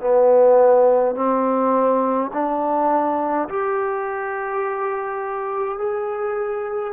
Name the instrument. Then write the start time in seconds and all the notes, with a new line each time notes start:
trombone
0.00 B3
1.15 C4
2.33 D4
3.49 G4
5.78 G#4